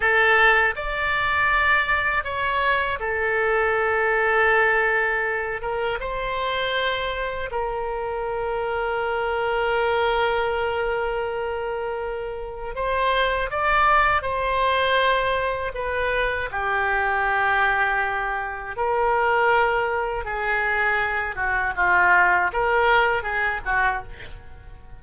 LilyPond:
\new Staff \with { instrumentName = "oboe" } { \time 4/4 \tempo 4 = 80 a'4 d''2 cis''4 | a'2.~ a'8 ais'8 | c''2 ais'2~ | ais'1~ |
ais'4 c''4 d''4 c''4~ | c''4 b'4 g'2~ | g'4 ais'2 gis'4~ | gis'8 fis'8 f'4 ais'4 gis'8 fis'8 | }